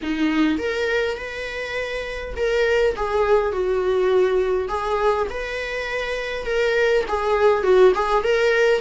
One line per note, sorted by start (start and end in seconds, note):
0.02 0.58 D#4
0.58 1.17 A#4
1.17 2.34 B4
2.36 2.95 A#4
2.96 3.52 G#4
3.52 4.68 F#4
4.68 5.27 G#4
5.30 6.45 B4
6.45 7.04 A#4
7.07 7.63 G#4
7.63 7.93 F#4
7.94 8.23 G#4
8.23 8.81 A#4